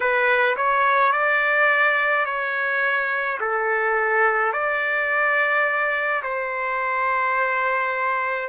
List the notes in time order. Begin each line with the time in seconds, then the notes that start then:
0.00 B4
0.56 C#5
1.12 D5
2.25 C#5
3.40 A4
4.52 D5
6.23 C5